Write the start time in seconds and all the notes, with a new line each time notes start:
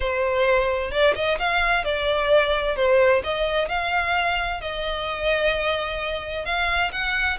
0.00 C5
0.91 D5
1.15 D#5
1.38 F5
1.84 D5
2.76 C5
3.23 D#5
3.68 F5
4.60 D#5
6.45 F5
6.92 F#5